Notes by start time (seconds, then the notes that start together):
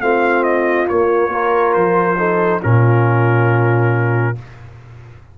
0.00 A3 C4 F4 F5
0.43 D#5
0.87 A#3 C#5
1.29 F4 A#4
1.73 F3 C5
2.18 D#4 A4
2.61 A#2 C#4 F4 A#4